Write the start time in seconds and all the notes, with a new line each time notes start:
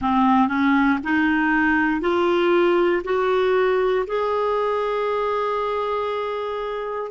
0.00 C4
0.48 C#4
1.04 D#4
2.00 F4
3.04 F#4
4.07 G#4